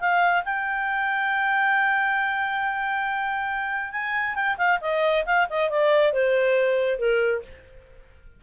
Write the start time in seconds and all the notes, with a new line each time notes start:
0.00 F5
0.45 G5
3.92 G#5
4.35 G5
4.58 F5
4.81 D#5
5.26 F5
5.49 D#5
5.70 D5
6.13 C5
6.99 A#4